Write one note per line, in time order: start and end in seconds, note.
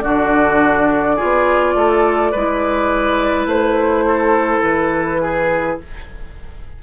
0.00 1.19 D3
0.00 1.17 D4
0.00 1.16 F#4
0.00 3.46 D5
1.16 2.32 F4
1.16 1.73 G#4
1.22 1.74 B3
1.74 2.32 A3
1.74 2.31 A4
2.31 3.46 G#3
2.31 5.82 E4
2.31 4.04 B4
3.46 4.61 A3
3.46 4.63 C5
4.07 5.21 A4
4.62 5.77 E3
4.62 5.78 B4
5.21 5.79 G#4